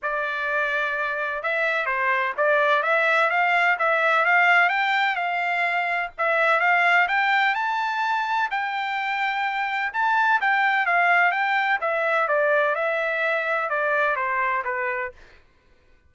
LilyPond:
\new Staff \with { instrumentName = "trumpet" } { \time 4/4 \tempo 4 = 127 d''2. e''4 | c''4 d''4 e''4 f''4 | e''4 f''4 g''4 f''4~ | f''4 e''4 f''4 g''4 |
a''2 g''2~ | g''4 a''4 g''4 f''4 | g''4 e''4 d''4 e''4~ | e''4 d''4 c''4 b'4 | }